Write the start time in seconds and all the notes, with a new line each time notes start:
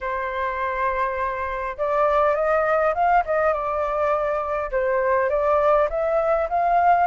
0.01 C5
1.77 D5
2.35 D#5
2.94 F5
3.25 D#5
3.53 D5
4.71 C5
5.29 D5
5.89 E5
6.49 F5